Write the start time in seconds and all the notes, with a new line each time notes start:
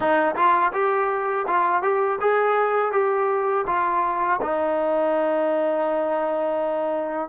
0.00 D#4
0.35 F4
0.73 G4
1.47 F4
1.82 G4
2.21 G#4
2.92 G4
3.66 F4
4.41 D#4